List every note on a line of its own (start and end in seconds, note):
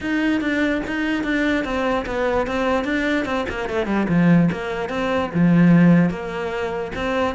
0.00 0.40 D#4
0.40 0.81 D4
0.86 1.23 D#4
1.23 1.64 D4
1.64 2.05 C4
2.05 2.46 B3
2.46 2.84 C4
2.84 3.25 D4
3.25 3.45 C4
3.49 3.69 A#3
3.69 3.86 A3
3.86 4.06 G3
4.08 4.49 F3
4.51 4.89 A#3
4.89 5.30 C4
5.33 6.09 F3
6.09 6.91 A#3
6.95 7.35 C4